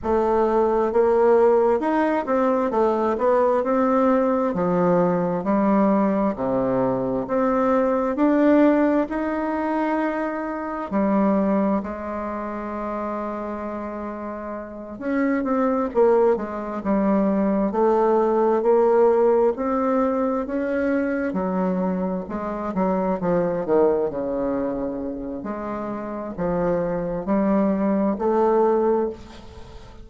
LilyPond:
\new Staff \with { instrumentName = "bassoon" } { \time 4/4 \tempo 4 = 66 a4 ais4 dis'8 c'8 a8 b8 | c'4 f4 g4 c4 | c'4 d'4 dis'2 | g4 gis2.~ |
gis8 cis'8 c'8 ais8 gis8 g4 a8~ | a8 ais4 c'4 cis'4 fis8~ | fis8 gis8 fis8 f8 dis8 cis4. | gis4 f4 g4 a4 | }